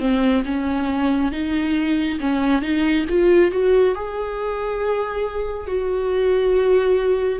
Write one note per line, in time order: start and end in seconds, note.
0.00 0.43 C4
0.45 1.32 C#4
1.32 2.19 D#4
2.20 2.62 C#4
2.62 3.06 D#4
3.09 3.52 F4
3.52 3.95 F#4
3.95 5.68 G#4
5.68 7.40 F#4